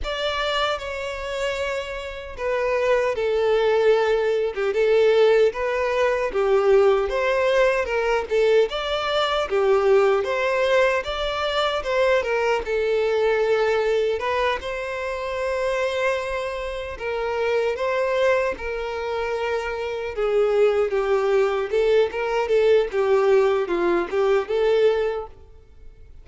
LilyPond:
\new Staff \with { instrumentName = "violin" } { \time 4/4 \tempo 4 = 76 d''4 cis''2 b'4 | a'4.~ a'16 g'16 a'4 b'4 | g'4 c''4 ais'8 a'8 d''4 | g'4 c''4 d''4 c''8 ais'8 |
a'2 b'8 c''4.~ | c''4. ais'4 c''4 ais'8~ | ais'4. gis'4 g'4 a'8 | ais'8 a'8 g'4 f'8 g'8 a'4 | }